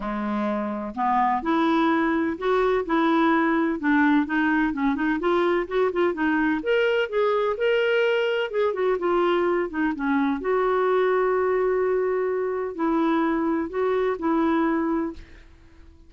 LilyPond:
\new Staff \with { instrumentName = "clarinet" } { \time 4/4 \tempo 4 = 127 gis2 b4 e'4~ | e'4 fis'4 e'2 | d'4 dis'4 cis'8 dis'8 f'4 | fis'8 f'8 dis'4 ais'4 gis'4 |
ais'2 gis'8 fis'8 f'4~ | f'8 dis'8 cis'4 fis'2~ | fis'2. e'4~ | e'4 fis'4 e'2 | }